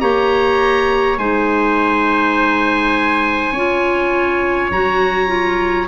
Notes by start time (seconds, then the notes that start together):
0.00 A#3 G4 C#5 A#5
1.17 G#3 D#4 C5 G#5
3.52 C#4 F4 C#5
4.70 F#3 F#4 A#5
5.27 F4